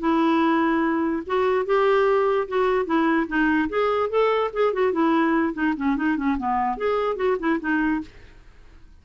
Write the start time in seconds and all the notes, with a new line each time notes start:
0.00 E4
1.27 F#4
1.66 G4
2.48 F#4
2.86 E4
3.28 D#4
3.69 G#4
4.10 A4
4.54 G#4
4.74 F#4
4.93 E4
5.54 D#4
5.77 C#4
5.97 D#4
6.17 C#4
6.39 B3
6.78 G#4
7.17 F#4
7.40 E4
7.60 D#4